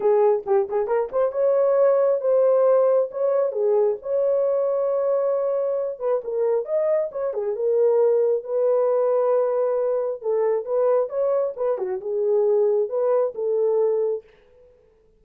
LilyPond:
\new Staff \with { instrumentName = "horn" } { \time 4/4 \tempo 4 = 135 gis'4 g'8 gis'8 ais'8 c''8 cis''4~ | cis''4 c''2 cis''4 | gis'4 cis''2.~ | cis''4. b'8 ais'4 dis''4 |
cis''8 gis'8 ais'2 b'4~ | b'2. a'4 | b'4 cis''4 b'8 fis'8 gis'4~ | gis'4 b'4 a'2 | }